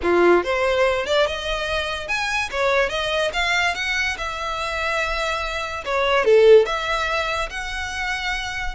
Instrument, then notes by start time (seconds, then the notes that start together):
violin
0.02 F4
0.43 C5
1.05 D5
1.26 D#5
2.08 G#5
2.50 C#5
2.89 D#5
3.33 F5
3.75 F#5
4.17 E5
5.84 C#5
6.24 A4
6.65 E5
7.50 F#5